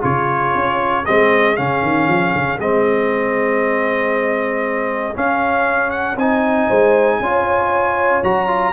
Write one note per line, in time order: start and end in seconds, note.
0.00 0.55 C#3
0.00 1.04 F4
0.00 6.67 G#4
0.00 1.05 C#5
0.55 1.06 C#4
1.05 1.58 G#3
1.05 1.56 C4
1.05 1.57 D#5
1.56 1.83 C#3
1.56 2.59 C#4
1.56 2.59 F5
1.83 2.08 D#3
2.08 2.33 F3
2.34 2.59 C#3
2.59 5.16 G#3
2.59 5.14 C4
2.59 5.17 D#5
5.14 6.17 C#4
5.14 6.16 C#4
5.14 5.91 F5
5.91 6.16 F#5
6.16 6.68 C4
6.16 7.23 D#4
6.16 8.24 G#5
6.68 7.20 G#3
6.68 7.19 C5
7.20 8.22 C#4
7.20 8.24 F4
7.20 8.73 C#5
8.23 8.73 F#3
8.23 8.47 F#4
8.23 8.73 A#5
8.47 8.73 F4